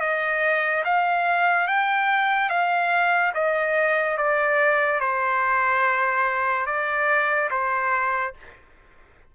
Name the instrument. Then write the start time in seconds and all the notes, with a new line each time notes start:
trumpet
0.00 D#5
0.84 F5
1.67 G5
2.49 F5
3.34 D#5
4.17 D5
5.00 C5
6.66 D5
7.50 C5